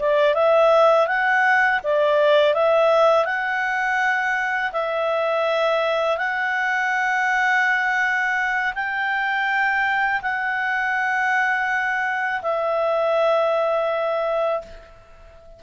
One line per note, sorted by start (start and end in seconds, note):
0.00 0.35 D5
0.35 1.07 E5
1.07 1.81 F#5
1.84 2.54 D5
2.54 3.26 E5
3.26 4.72 F#5
4.73 6.18 E5
6.18 8.74 F#5
8.75 10.21 G5
10.22 12.42 F#5
12.42 14.62 E5